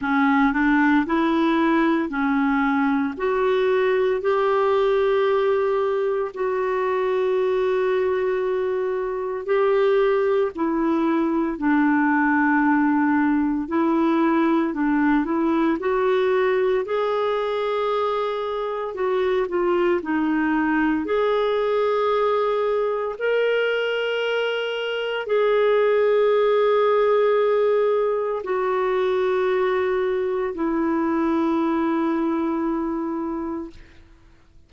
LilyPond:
\new Staff \with { instrumentName = "clarinet" } { \time 4/4 \tempo 4 = 57 cis'8 d'8 e'4 cis'4 fis'4 | g'2 fis'2~ | fis'4 g'4 e'4 d'4~ | d'4 e'4 d'8 e'8 fis'4 |
gis'2 fis'8 f'8 dis'4 | gis'2 ais'2 | gis'2. fis'4~ | fis'4 e'2. | }